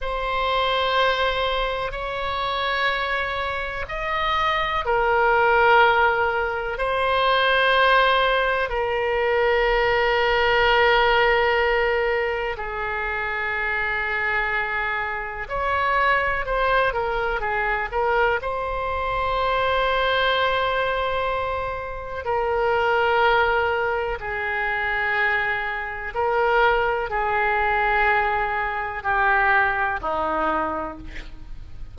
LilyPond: \new Staff \with { instrumentName = "oboe" } { \time 4/4 \tempo 4 = 62 c''2 cis''2 | dis''4 ais'2 c''4~ | c''4 ais'2.~ | ais'4 gis'2. |
cis''4 c''8 ais'8 gis'8 ais'8 c''4~ | c''2. ais'4~ | ais'4 gis'2 ais'4 | gis'2 g'4 dis'4 | }